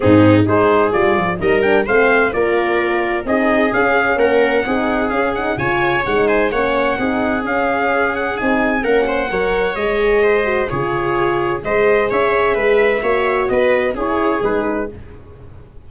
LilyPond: <<
  \new Staff \with { instrumentName = "trumpet" } { \time 4/4 \tempo 4 = 129 gis'4 c''4 d''4 dis''8 g''8 | f''4 d''2 dis''4 | f''4 fis''2 f''8 fis''8 | gis''4 fis''8 gis''8 fis''2 |
f''4. fis''8 gis''4 fis''4~ | fis''4 dis''2 cis''4~ | cis''4 dis''4 e''2~ | e''4 dis''4 cis''4 b'4 | }
  \new Staff \with { instrumentName = "viola" } { \time 4/4 dis'4 gis'2 ais'4 | c''4 ais'2 gis'4~ | gis'4 ais'4 gis'2 | cis''4. c''8 cis''4 gis'4~ |
gis'2. ais'8 c''8 | cis''2 c''4 gis'4~ | gis'4 c''4 cis''4 b'4 | cis''4 b'4 gis'2 | }
  \new Staff \with { instrumentName = "horn" } { \time 4/4 c'4 dis'4 f'4 dis'8 d'8 | c'4 f'2 dis'4 | cis'2 dis'4 cis'8 dis'8 | f'4 dis'4 cis'4 dis'4 |
cis'2 dis'4 cis'4 | ais'4 gis'4. fis'8 f'4~ | f'4 gis'2. | fis'2 e'4 dis'4 | }
  \new Staff \with { instrumentName = "tuba" } { \time 4/4 gis,4 gis4 g8 f8 g4 | a4 ais2 c'4 | cis'4 ais4 c'4 cis'4 | cis4 gis4 ais4 c'4 |
cis'2 c'4 ais4 | fis4 gis2 cis4~ | cis4 gis4 cis'4 gis4 | ais4 b4 cis'4 gis4 | }
>>